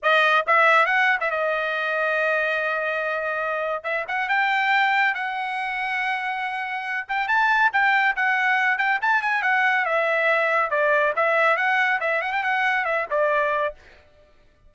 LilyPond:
\new Staff \with { instrumentName = "trumpet" } { \time 4/4 \tempo 4 = 140 dis''4 e''4 fis''8. e''16 dis''4~ | dis''1~ | dis''4 e''8 fis''8 g''2 | fis''1~ |
fis''8 g''8 a''4 g''4 fis''4~ | fis''8 g''8 a''8 gis''8 fis''4 e''4~ | e''4 d''4 e''4 fis''4 | e''8 fis''16 g''16 fis''4 e''8 d''4. | }